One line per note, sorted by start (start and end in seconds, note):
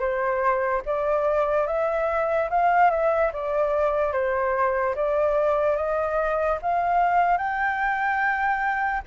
0.00 0.82 C5
0.86 1.67 D5
1.67 2.50 E5
2.51 2.91 F5
2.91 3.32 E5
3.33 4.13 D5
4.13 4.95 C5
4.96 5.77 D5
5.77 6.59 D#5
6.62 7.38 F5
7.38 9.02 G5